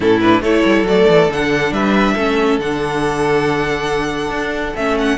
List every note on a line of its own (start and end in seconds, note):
0.00 0.40 A2
0.00 0.20 C#4
0.00 0.42 E4
0.00 0.20 A4
0.20 0.44 D4
0.20 0.42 B4
0.40 0.62 A3
0.40 0.86 E4
0.40 1.72 A4
0.40 0.86 C#5
0.65 0.83 G3
0.83 1.04 F#3
0.83 1.29 A3
0.83 1.30 D5
1.07 1.28 E3
1.28 1.71 D3
1.28 2.17 D4
1.28 1.73 F#5
1.71 2.14 G3
1.71 2.14 B4
1.71 2.59 E5
2.14 2.58 A3
2.14 2.60 C#4
2.14 5.16 A4
2.58 4.29 D3
2.58 4.76 D4
2.58 4.75 F#5
4.29 4.72 D4
4.75 5.17 A3
4.75 5.17 C#4
4.75 4.97 E5
4.98 5.17 F#5